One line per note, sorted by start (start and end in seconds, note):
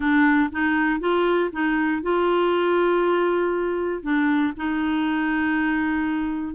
0.00 0.49 D4
0.52 1.00 D#4
1.00 1.50 F4
1.52 2.02 D#4
2.02 4.02 F4
4.02 4.53 D4
4.56 6.55 D#4